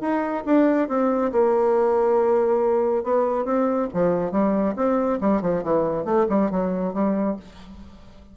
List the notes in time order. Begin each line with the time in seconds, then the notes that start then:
0.00 D#4
0.45 D4
0.88 C4
1.32 A#3
3.03 B3
3.45 C4
3.93 F3
4.31 G3
4.76 C4
5.21 G3
5.41 F3
5.63 E3
6.05 A3
6.29 G3
6.50 F#3
6.93 G3